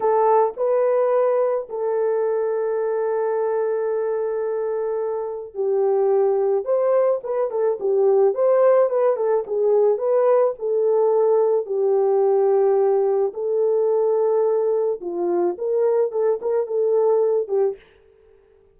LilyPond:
\new Staff \with { instrumentName = "horn" } { \time 4/4 \tempo 4 = 108 a'4 b'2 a'4~ | a'1~ | a'2 g'2 | c''4 b'8 a'8 g'4 c''4 |
b'8 a'8 gis'4 b'4 a'4~ | a'4 g'2. | a'2. f'4 | ais'4 a'8 ais'8 a'4. g'8 | }